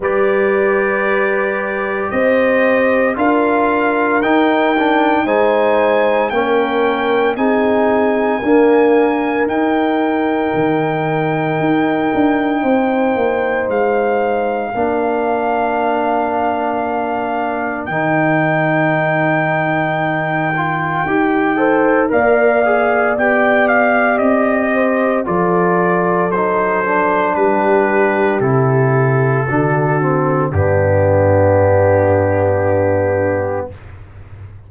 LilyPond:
<<
  \new Staff \with { instrumentName = "trumpet" } { \time 4/4 \tempo 4 = 57 d''2 dis''4 f''4 | g''4 gis''4 g''4 gis''4~ | gis''4 g''2.~ | g''4 f''2.~ |
f''4 g''2.~ | g''4 f''4 g''8 f''8 dis''4 | d''4 c''4 b'4 a'4~ | a'4 g'2. | }
  \new Staff \with { instrumentName = "horn" } { \time 4/4 b'2 c''4 ais'4~ | ais'4 c''4 ais'4 gis'4 | ais'1 | c''2 ais'2~ |
ais'1~ | ais'8 c''8 d''2~ d''8 c''8 | a'2 g'2 | fis'4 d'2. | }
  \new Staff \with { instrumentName = "trombone" } { \time 4/4 g'2. f'4 | dis'8 d'8 dis'4 cis'4 dis'4 | ais4 dis'2.~ | dis'2 d'2~ |
d'4 dis'2~ dis'8 f'8 | g'8 a'8 ais'8 gis'8 g'2 | f'4 dis'8 d'4. e'4 | d'8 c'8 b2. | }
  \new Staff \with { instrumentName = "tuba" } { \time 4/4 g2 c'4 d'4 | dis'4 gis4 ais4 c'4 | d'4 dis'4 dis4 dis'8 d'8 | c'8 ais8 gis4 ais2~ |
ais4 dis2. | dis'4 ais4 b4 c'4 | f4 fis4 g4 c4 | d4 g,2. | }
>>